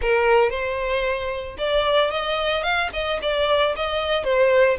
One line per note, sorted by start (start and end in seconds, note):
0.01 0.50 A#4
0.50 1.56 C5
1.58 2.10 D5
2.10 2.63 D#5
2.63 2.89 F5
2.93 3.19 D#5
3.22 3.75 D5
3.76 4.24 D#5
4.24 4.77 C5